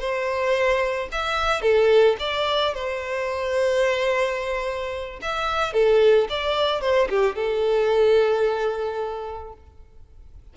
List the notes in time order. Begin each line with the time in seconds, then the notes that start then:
0.00 C5
1.12 E5
1.62 A4
2.20 D5
2.75 C5
5.22 E5
5.73 A4
6.30 D5
6.82 C5
7.10 G4
7.36 A4